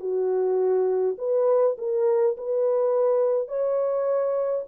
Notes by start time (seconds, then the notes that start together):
0.00 F#4
1.18 B4
1.78 A#4
2.37 B4
3.48 C#5